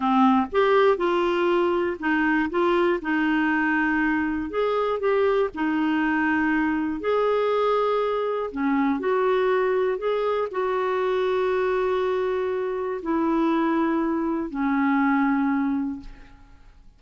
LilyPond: \new Staff \with { instrumentName = "clarinet" } { \time 4/4 \tempo 4 = 120 c'4 g'4 f'2 | dis'4 f'4 dis'2~ | dis'4 gis'4 g'4 dis'4~ | dis'2 gis'2~ |
gis'4 cis'4 fis'2 | gis'4 fis'2.~ | fis'2 e'2~ | e'4 cis'2. | }